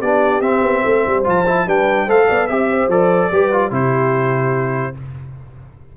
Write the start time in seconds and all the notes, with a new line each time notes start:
0.00 B3 D4 G4 D5
0.41 C4 E5
0.63 B3
0.85 A3 C5
1.07 G3
1.25 F3 F4 A5
1.47 E4
1.67 G3 D4 B4 G5
2.06 A3 A4 C5 F5
2.28 B3 D5
2.48 C4 G4 E5
2.71 C5
2.89 F3 A4 D5
3.32 G3 G4 B4
3.52 F4
3.71 C3 E4 G4 C5